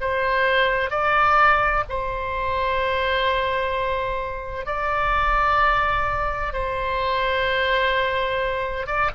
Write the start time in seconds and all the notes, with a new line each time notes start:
0.00 C5
0.90 D5
1.89 C5
4.65 D5
6.53 C5
8.86 D5